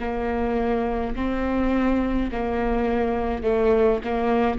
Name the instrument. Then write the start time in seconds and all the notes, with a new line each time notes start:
viola
0.00 A#3
1.15 C4
2.31 A#3
3.43 A3
4.04 A#3